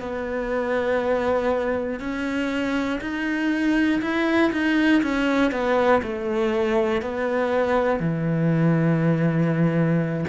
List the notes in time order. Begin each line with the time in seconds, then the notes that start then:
0.00 B3
2.00 C#4
3.01 D#4
4.01 E4
4.52 D#4
5.03 C#4
5.51 B3
6.03 A3
7.02 B3
8.00 E3